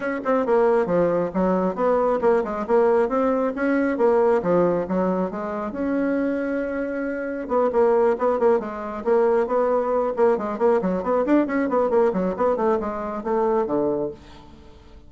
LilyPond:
\new Staff \with { instrumentName = "bassoon" } { \time 4/4 \tempo 4 = 136 cis'8 c'8 ais4 f4 fis4 | b4 ais8 gis8 ais4 c'4 | cis'4 ais4 f4 fis4 | gis4 cis'2.~ |
cis'4 b8 ais4 b8 ais8 gis8~ | gis8 ais4 b4. ais8 gis8 | ais8 fis8 b8 d'8 cis'8 b8 ais8 fis8 | b8 a8 gis4 a4 d4 | }